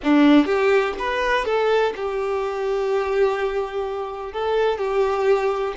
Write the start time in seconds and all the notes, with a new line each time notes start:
0.03 D4
0.46 G4
0.98 B4
1.45 A4
1.95 G4
4.32 A4
4.78 G4